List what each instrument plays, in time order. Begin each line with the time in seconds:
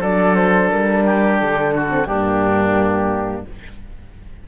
0.00 cello F#3, horn D4, oboe A4, flute D5
0.35 flute C5
0.70 cello G3, flute A#4
1.05 oboe G4
1.39 cello D3, flute A4
1.75 oboe F#4
1.89 horn C4
2.06 cello G2, horn A#3, oboe D4, flute G4